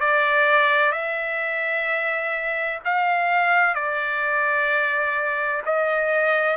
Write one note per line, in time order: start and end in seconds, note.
0.00 0.92 D5
0.92 2.80 E5
2.85 3.75 F5
3.75 5.62 D5
5.65 6.57 D#5